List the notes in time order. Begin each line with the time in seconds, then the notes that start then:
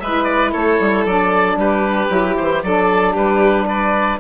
0.00 G#3 E4 B4 E5
0.25 D5
0.52 A3 A4 C#5
0.80 G3
1.06 F#3 D4 D5
1.57 G3 G4 B4
2.10 F#3 E4
2.37 E3 C5
2.63 F#3 D4 A4 D5
3.13 G3 G4 B4
3.67 B4 D5